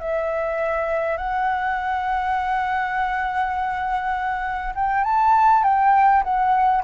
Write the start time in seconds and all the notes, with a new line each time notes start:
0.00 E5
1.17 F#5
4.75 G5
5.04 A5
5.64 G5
6.23 F#5